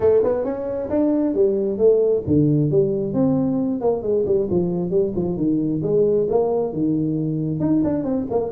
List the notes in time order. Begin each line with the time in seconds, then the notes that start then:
0.00 A3
0.23 B3
0.44 C#4
0.89 D4
1.34 G3
1.78 A3
2.26 D3
2.70 G3
3.13 C4
3.80 A#3
4.02 G#3
4.26 G3
4.50 F3
4.90 G3
5.15 F3
5.36 D#3
5.82 G#3
6.29 A#3
6.72 D#3
7.60 D#4
7.84 D4
8.04 C4
8.30 A#3